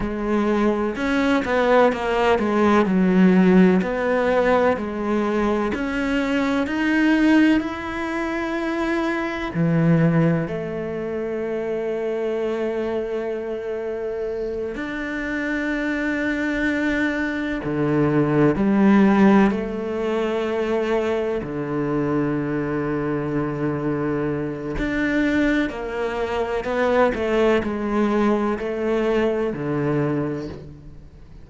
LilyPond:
\new Staff \with { instrumentName = "cello" } { \time 4/4 \tempo 4 = 63 gis4 cis'8 b8 ais8 gis8 fis4 | b4 gis4 cis'4 dis'4 | e'2 e4 a4~ | a2.~ a8 d'8~ |
d'2~ d'8 d4 g8~ | g8 a2 d4.~ | d2 d'4 ais4 | b8 a8 gis4 a4 d4 | }